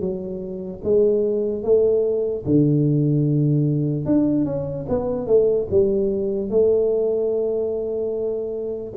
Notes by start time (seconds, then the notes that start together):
0.00 F#3
0.84 G#3
1.63 A3
2.45 D3
4.05 D4
4.46 C#4
4.89 B3
5.27 A3
5.71 G3
6.50 A3